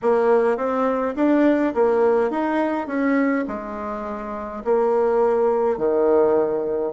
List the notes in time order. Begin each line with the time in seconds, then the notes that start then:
0.02 A#3
0.57 C4
1.15 D4
1.74 A#3
2.30 D#4
2.87 C#4
3.47 G#3
4.64 A#3
5.77 D#3